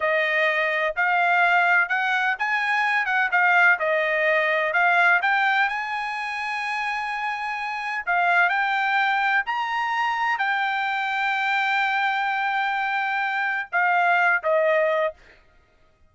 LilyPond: \new Staff \with { instrumentName = "trumpet" } { \time 4/4 \tempo 4 = 127 dis''2 f''2 | fis''4 gis''4. fis''8 f''4 | dis''2 f''4 g''4 | gis''1~ |
gis''4 f''4 g''2 | ais''2 g''2~ | g''1~ | g''4 f''4. dis''4. | }